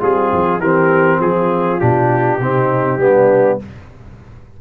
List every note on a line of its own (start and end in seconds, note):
0.00 0.32 G3
0.00 0.59 C4
0.00 0.60 F4
0.00 0.60 G#4
0.32 0.59 F3
0.59 1.19 E3
0.59 1.80 C4
0.59 1.19 G4
0.59 1.20 A#4
1.20 1.80 F3
1.20 2.40 F4
1.20 1.80 G#4
1.80 2.40 B2
1.80 2.40 D4
1.80 3.60 G4
2.40 2.97 C3
2.40 2.99 C4
2.40 3.01 D#4
2.97 3.57 G3
2.97 3.59 B3
2.97 3.61 D4